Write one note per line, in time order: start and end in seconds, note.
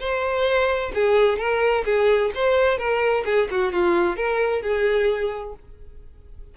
0.00 0.92 C5
0.95 1.39 G#4
1.39 1.85 A#4
1.85 2.32 G#4
2.35 2.78 C5
2.78 3.24 A#4
3.25 3.48 G#4
3.51 3.72 F#4
3.72 4.17 F4
4.17 4.62 A#4
4.62 5.54 G#4